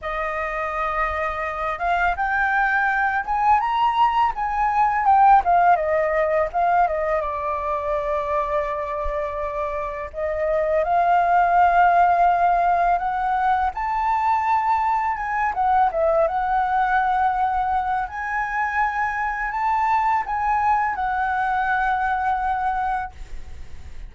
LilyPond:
\new Staff \with { instrumentName = "flute" } { \time 4/4 \tempo 4 = 83 dis''2~ dis''8 f''8 g''4~ | g''8 gis''8 ais''4 gis''4 g''8 f''8 | dis''4 f''8 dis''8 d''2~ | d''2 dis''4 f''4~ |
f''2 fis''4 a''4~ | a''4 gis''8 fis''8 e''8 fis''4.~ | fis''4 gis''2 a''4 | gis''4 fis''2. | }